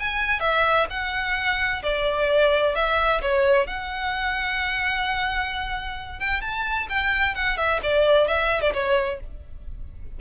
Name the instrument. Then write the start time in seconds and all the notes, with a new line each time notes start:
violin
0.00 G#5
0.40 E5
0.90 F#5
1.83 D5
2.76 E5
3.22 C#5
3.67 F#5
6.20 G5
6.42 A5
6.90 G5
7.35 F#5
7.57 E5
7.83 D5
8.28 E5
8.62 D5
8.74 C#5